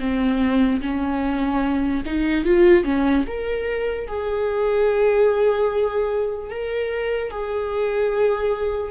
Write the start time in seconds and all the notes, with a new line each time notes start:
0.00 C4
0.81 C#4
2.06 D#4
2.45 F4
2.84 C#4
3.27 A#4
4.08 G#4
6.50 A#4
7.31 G#4